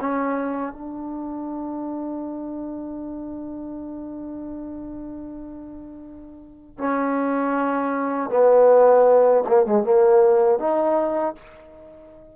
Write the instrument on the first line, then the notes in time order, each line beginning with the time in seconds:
trombone
0.00 C#4
0.72 D4
6.78 C#4
8.30 B3
9.47 A#3
9.66 G#3
9.83 A#3
10.58 D#4